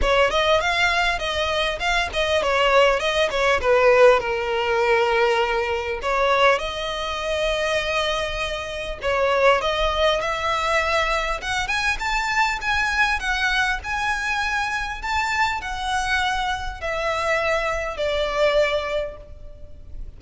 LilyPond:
\new Staff \with { instrumentName = "violin" } { \time 4/4 \tempo 4 = 100 cis''8 dis''8 f''4 dis''4 f''8 dis''8 | cis''4 dis''8 cis''8 b'4 ais'4~ | ais'2 cis''4 dis''4~ | dis''2. cis''4 |
dis''4 e''2 fis''8 gis''8 | a''4 gis''4 fis''4 gis''4~ | gis''4 a''4 fis''2 | e''2 d''2 | }